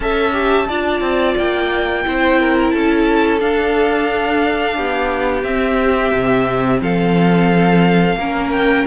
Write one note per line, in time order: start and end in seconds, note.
0.00 0.68 C#4
0.00 0.32 A4
0.00 0.67 E5
0.00 1.36 A5
0.32 0.66 G4
0.67 1.00 D4
0.67 2.04 F4
0.67 2.03 D5
1.00 1.35 C4
1.37 2.05 A#3
1.37 2.70 G5
2.04 2.73 C4
2.04 3.39 E4
2.04 2.40 C5
2.40 2.74 A#4
2.70 3.41 C#4
2.70 4.76 A4
2.70 3.38 A5
3.39 5.43 D4
3.39 4.77 D4
3.39 5.43 F5
4.76 5.43 B3
4.76 6.81 G4
5.43 6.11 C4
5.43 8.18 C4
5.43 6.79 E5
6.12 6.80 C3
6.80 8.15 F3
6.80 8.18 A4
6.80 8.51 F5
8.15 8.83 A#3
8.15 8.87 C#4
8.15 8.87 A#4
8.51 8.85 G5